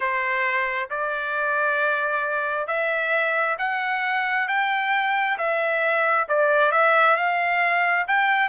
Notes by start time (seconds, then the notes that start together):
0.00 C5
0.90 D5
2.67 E5
3.58 F#5
4.48 G5
5.37 E5
6.28 D5
6.71 E5
7.16 F5
8.07 G5